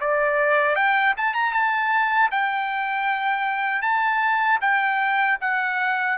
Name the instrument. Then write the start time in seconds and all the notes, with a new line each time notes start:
trumpet
0.00 D5
0.75 G5
1.17 A5
1.34 A#5
1.52 A5
2.31 G5
3.81 A5
4.61 G5
5.41 F#5